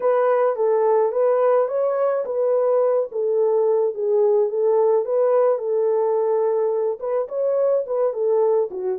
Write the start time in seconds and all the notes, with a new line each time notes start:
0.00 B4
0.56 A4
1.12 B4
1.68 C#5
2.25 B4
3.11 A4
3.94 G#4
4.49 A4
5.05 B4
5.58 A4
6.99 B4
7.28 C#5
7.86 B4
8.13 A4
8.70 F#4